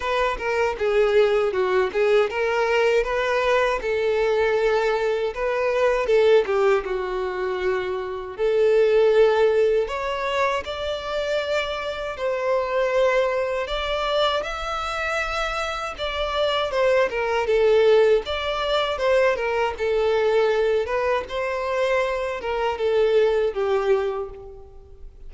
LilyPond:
\new Staff \with { instrumentName = "violin" } { \time 4/4 \tempo 4 = 79 b'8 ais'8 gis'4 fis'8 gis'8 ais'4 | b'4 a'2 b'4 | a'8 g'8 fis'2 a'4~ | a'4 cis''4 d''2 |
c''2 d''4 e''4~ | e''4 d''4 c''8 ais'8 a'4 | d''4 c''8 ais'8 a'4. b'8 | c''4. ais'8 a'4 g'4 | }